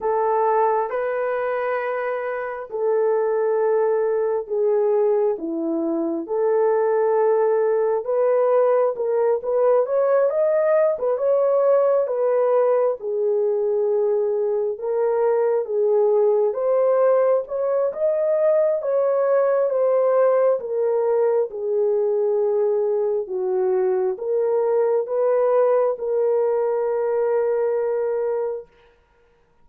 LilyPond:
\new Staff \with { instrumentName = "horn" } { \time 4/4 \tempo 4 = 67 a'4 b'2 a'4~ | a'4 gis'4 e'4 a'4~ | a'4 b'4 ais'8 b'8 cis''8 dis''8~ | dis''16 b'16 cis''4 b'4 gis'4.~ |
gis'8 ais'4 gis'4 c''4 cis''8 | dis''4 cis''4 c''4 ais'4 | gis'2 fis'4 ais'4 | b'4 ais'2. | }